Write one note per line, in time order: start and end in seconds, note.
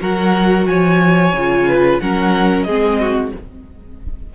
0.00 0.66 F#3
0.00 1.33 F#4
0.00 0.67 A#4
0.00 0.66 F#5
0.66 1.32 F3
0.66 1.68 C#5
0.66 1.99 G#5
1.32 1.99 C#3
1.32 2.01 F4
1.68 2.02 B4
1.99 2.65 F#3
1.99 2.67 C#4
1.99 2.66 A#4
1.99 2.63 F#5
2.63 3.32 G#3
2.63 3.34 C4
2.63 2.99 G#4
2.63 3.30 D#5
3.00 3.33 F#4